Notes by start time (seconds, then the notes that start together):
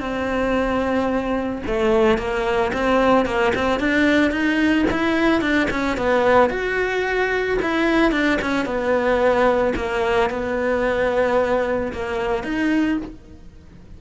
0.00 C4
1.66 A3
2.18 A#3
2.73 C4
3.26 A#3
3.55 C4
3.80 D4
4.31 D#4
4.91 E4
5.41 D4
5.71 C#4
5.97 B3
6.50 F#4
7.62 E4
8.12 D4
8.42 C#4
8.66 B3
9.76 A#3
10.30 B3
11.93 A#3
12.44 D#4